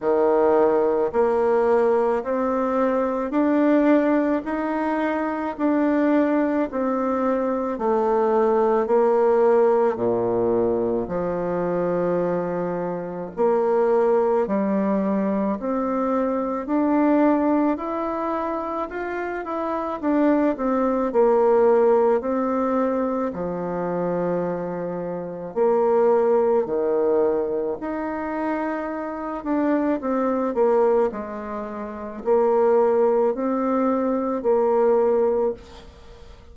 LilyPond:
\new Staff \with { instrumentName = "bassoon" } { \time 4/4 \tempo 4 = 54 dis4 ais4 c'4 d'4 | dis'4 d'4 c'4 a4 | ais4 ais,4 f2 | ais4 g4 c'4 d'4 |
e'4 f'8 e'8 d'8 c'8 ais4 | c'4 f2 ais4 | dis4 dis'4. d'8 c'8 ais8 | gis4 ais4 c'4 ais4 | }